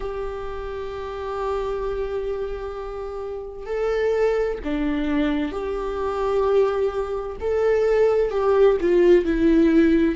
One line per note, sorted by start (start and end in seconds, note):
0.00 3.65 G4
3.65 4.58 A4
4.64 5.51 D4
5.51 7.36 G4
7.40 8.31 A4
8.31 8.77 G4
8.81 9.24 F4
9.24 10.15 E4